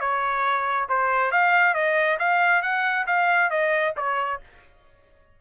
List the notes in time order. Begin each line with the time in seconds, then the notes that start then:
0.00 C#5
0.89 C5
1.31 F5
1.74 D#5
2.19 F5
2.62 F#5
3.06 F5
3.50 D#5
3.97 C#5